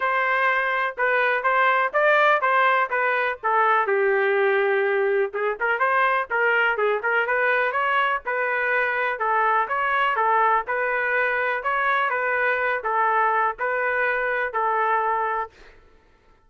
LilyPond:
\new Staff \with { instrumentName = "trumpet" } { \time 4/4 \tempo 4 = 124 c''2 b'4 c''4 | d''4 c''4 b'4 a'4 | g'2. gis'8 ais'8 | c''4 ais'4 gis'8 ais'8 b'4 |
cis''4 b'2 a'4 | cis''4 a'4 b'2 | cis''4 b'4. a'4. | b'2 a'2 | }